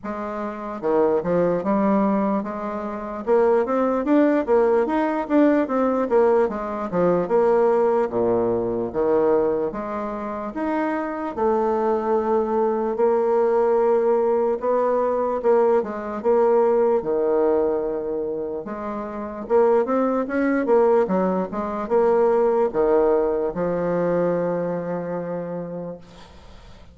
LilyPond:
\new Staff \with { instrumentName = "bassoon" } { \time 4/4 \tempo 4 = 74 gis4 dis8 f8 g4 gis4 | ais8 c'8 d'8 ais8 dis'8 d'8 c'8 ais8 | gis8 f8 ais4 ais,4 dis4 | gis4 dis'4 a2 |
ais2 b4 ais8 gis8 | ais4 dis2 gis4 | ais8 c'8 cis'8 ais8 fis8 gis8 ais4 | dis4 f2. | }